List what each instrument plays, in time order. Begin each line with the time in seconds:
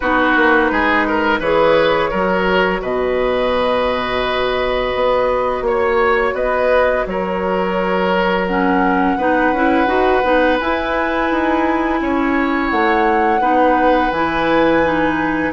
0.00 bassoon B3, clarinet D#4, oboe F#4, flute B4
0.35 bassoon A#3
0.71 bassoon G#3, oboe G#4
1.07 oboe A#4
1.39 bassoon E3, clarinet G#4, oboe B4, flute C#5
2.10 bassoon F#3, clarinet F#4, oboe A#4
2.81 bassoon B2, oboe B4, flute D#5
4.95 bassoon B3
5.61 bassoon A#3, flute C#5, oboe C#5
6.33 bassoon B3, oboe B4, flute D#5
7.06 bassoon F#3, oboe A#4, flute C#5
8.46 clarinet C#4, flute F#5
9.16 bassoon B3, clarinet D#4, oboe B4
9.51 bassoon C#4, clarinet E4
9.86 bassoon D#4, clarinet F#4
10.23 bassoon B3, clarinet D#4
10.59 clarinet E4, bassoon E4, flute G#5
11.31 bassoon D#4
12.01 bassoon C#4, oboe C#5
12.70 bassoon A3, flute F#5
13.40 bassoon B3, clarinet D#4, oboe B4
14.11 bassoon E3, clarinet E4, flute G#5
14.83 clarinet D#4